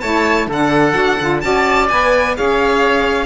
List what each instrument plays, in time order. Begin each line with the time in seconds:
0.00 cello A3, saxophone E4, oboe C#5, violin A5
0.47 cello D3, oboe A4, violin F#5
0.53 saxophone D4
0.94 cello D4, saxophone F#4
1.20 cello D3, saxophone F4
1.40 cello C#4, saxophone F#4, oboe D5, violin A5
1.88 cello B3, saxophone B4, violin G#5
2.36 cello C#4, saxophone G#4, oboe C#5, violin F5